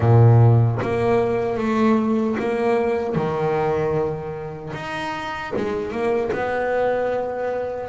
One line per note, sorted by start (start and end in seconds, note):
0.00 0.79 A#2
0.81 1.57 A#3
1.57 2.36 A3
2.39 3.15 A#3
3.15 4.73 D#3
4.73 5.52 D#4
5.56 5.91 G#3
5.91 6.31 A#3
6.32 7.89 B3